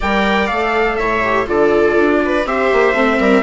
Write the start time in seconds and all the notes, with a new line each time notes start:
0.00 G3 A#4 D5 G5
0.47 A3 A4 F5
0.95 A2 C#5 E5
1.23 G4
1.45 D3 F4 A4 D5
1.96 D4
2.24 B4
2.45 C4 G4 C5 E5
2.72 A#3
2.93 A3 C4
3.19 G3 A#4